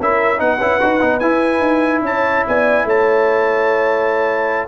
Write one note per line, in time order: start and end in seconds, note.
0.00 0.40 C#4
0.00 0.38 E4
0.00 0.41 A#4
0.00 0.40 E5
0.38 0.59 B3
0.38 0.58 D#4
0.38 2.04 B4
0.38 1.19 F#5
0.59 0.79 C#4
0.59 0.81 E4
0.81 1.02 D#4
0.81 1.01 F#4
1.01 1.21 B3
1.01 1.21 D#4
1.19 1.61 E4
1.19 4.68 E4
1.19 2.01 G#5
1.61 2.01 D#4
2.02 2.42 C#4
2.02 2.47 C#5
2.02 2.47 A5
2.47 2.85 B3
2.47 2.87 D5
2.47 2.88 G#5
2.85 4.68 A3
2.85 4.68 C#5
2.85 4.68 A5